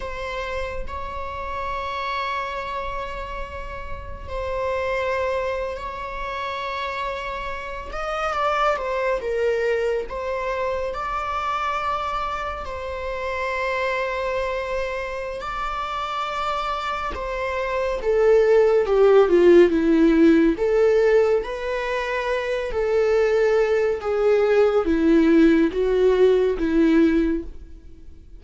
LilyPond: \new Staff \with { instrumentName = "viola" } { \time 4/4 \tempo 4 = 70 c''4 cis''2.~ | cis''4 c''4.~ c''16 cis''4~ cis''16~ | cis''4~ cis''16 dis''8 d''8 c''8 ais'4 c''16~ | c''8. d''2 c''4~ c''16~ |
c''2 d''2 | c''4 a'4 g'8 f'8 e'4 | a'4 b'4. a'4. | gis'4 e'4 fis'4 e'4 | }